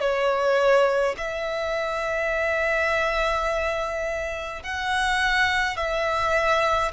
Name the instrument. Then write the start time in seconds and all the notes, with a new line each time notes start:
violin
0.00 C#5
1.17 E5
4.63 F#5
5.76 E5